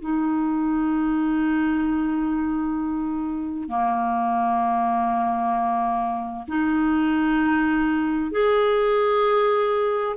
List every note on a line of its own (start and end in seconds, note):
0.00 3.69 D#4
3.69 6.46 A#3
6.48 8.32 D#4
8.32 10.16 G#4